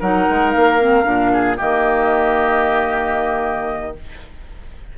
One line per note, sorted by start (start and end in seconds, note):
0.00 0.27 F#3
0.00 0.79 D#4
0.00 1.32 A#4
0.00 0.51 F#5
0.29 0.55 G#3
0.51 1.06 A#3
0.51 1.56 F5
0.79 1.04 C4
1.04 1.58 A#2
1.04 1.56 D4
1.33 1.57 G#4
1.57 3.98 D#3
1.57 3.95 A#3
1.57 3.94 G4
1.57 3.96 D#5